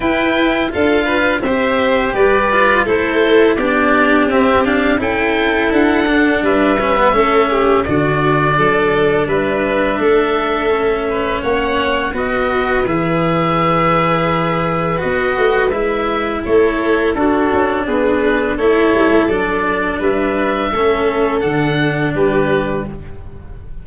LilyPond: <<
  \new Staff \with { instrumentName = "oboe" } { \time 4/4 \tempo 4 = 84 g''4 f''4 e''4 d''4 | c''4 d''4 e''8 f''8 g''4 | fis''4 e''2 d''4~ | d''4 e''2. |
fis''4 dis''4 e''2~ | e''4 dis''4 e''4 cis''4 | a'4 b'4 cis''4 d''4 | e''2 fis''4 b'4 | }
  \new Staff \with { instrumentName = "violin" } { \time 4/4 b'4 a'8 b'8 c''4 b'4 | a'4 g'2 a'4~ | a'4 b'4 a'8 g'8 fis'4 | a'4 b'4 a'4. b'8 |
cis''4 b'2.~ | b'2. a'4 | fis'4 gis'4 a'2 | b'4 a'2 g'4 | }
  \new Staff \with { instrumentName = "cello" } { \time 4/4 e'4 f'4 g'4. f'8 | e'4 d'4 c'8 d'8 e'4~ | e'8 d'4 cis'16 b16 cis'4 d'4~ | d'2. cis'4~ |
cis'4 fis'4 gis'2~ | gis'4 fis'4 e'2 | d'2 e'4 d'4~ | d'4 cis'4 d'2 | }
  \new Staff \with { instrumentName = "tuba" } { \time 4/4 e'4 d'4 c'4 g4 | a4 b4 c'4 cis'4 | d'4 g4 a4 d4 | fis4 g4 a2 |
ais4 b4 e2~ | e4 b8 a8 gis4 a4 | d'8 cis'8 b4 a8 g16 a16 fis4 | g4 a4 d4 g4 | }
>>